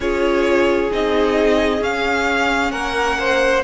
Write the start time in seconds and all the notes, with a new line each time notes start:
0.00 C#4 F4 G#4 C#5
0.91 C4 D#4 D#5
1.80 C#4 F5
2.71 A#3 A#4 F#5
3.19 C5